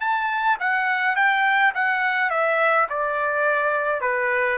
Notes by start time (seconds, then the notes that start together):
0.00 A5
0.59 F#5
1.15 G5
1.74 F#5
2.30 E5
2.89 D5
4.01 B4